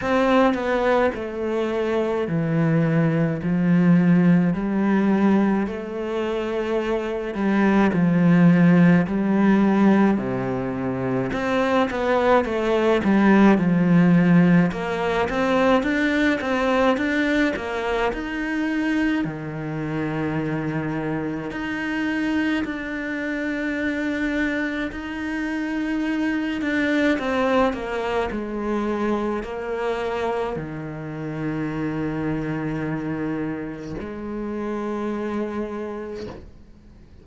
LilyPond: \new Staff \with { instrumentName = "cello" } { \time 4/4 \tempo 4 = 53 c'8 b8 a4 e4 f4 | g4 a4. g8 f4 | g4 c4 c'8 b8 a8 g8 | f4 ais8 c'8 d'8 c'8 d'8 ais8 |
dis'4 dis2 dis'4 | d'2 dis'4. d'8 | c'8 ais8 gis4 ais4 dis4~ | dis2 gis2 | }